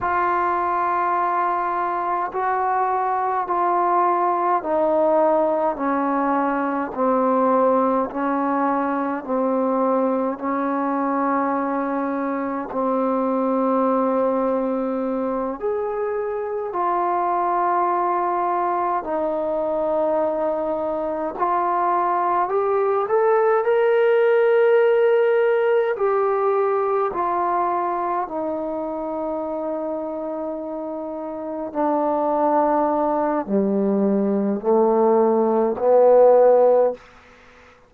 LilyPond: \new Staff \with { instrumentName = "trombone" } { \time 4/4 \tempo 4 = 52 f'2 fis'4 f'4 | dis'4 cis'4 c'4 cis'4 | c'4 cis'2 c'4~ | c'4. gis'4 f'4.~ |
f'8 dis'2 f'4 g'8 | a'8 ais'2 g'4 f'8~ | f'8 dis'2. d'8~ | d'4 g4 a4 b4 | }